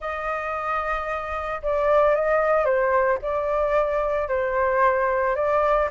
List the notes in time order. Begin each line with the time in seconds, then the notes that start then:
0.00 D#5
1.62 D5
2.15 D#5
2.65 C5
3.22 D5
4.28 C5
5.35 D5